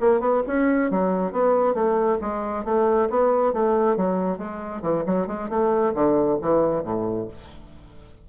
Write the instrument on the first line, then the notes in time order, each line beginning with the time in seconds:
bassoon
0.00 A#3
0.20 B3
0.47 C#4
0.91 F#3
1.32 B3
1.74 A3
2.21 G#3
2.64 A3
3.09 B3
3.53 A3
3.96 F#3
4.38 G#3
4.81 E3
5.06 F#3
5.27 G#3
5.49 A3
5.94 D3
6.41 E3
6.83 A2